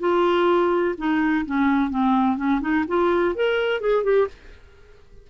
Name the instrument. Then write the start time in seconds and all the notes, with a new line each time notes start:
clarinet
0.00 F4
0.98 D#4
1.46 C#4
1.90 C4
2.37 C#4
2.61 D#4
2.88 F4
3.35 A#4
3.81 G#4
4.04 G4